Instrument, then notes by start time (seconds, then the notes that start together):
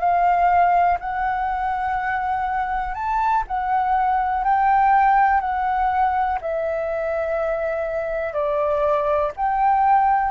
flute
0.00 F5
1.00 F#5
2.95 A5
3.48 F#5
4.44 G5
5.41 F#5
6.42 E5
8.33 D5
9.37 G5